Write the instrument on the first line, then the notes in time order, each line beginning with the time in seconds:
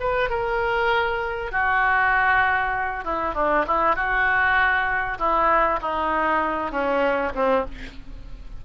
oboe
0.00 B4
0.29 A#4
1.52 F#4
3.04 E4
3.35 D4
3.67 E4
3.96 F#4
5.19 E4
5.82 D#4
6.71 C#4
7.35 C4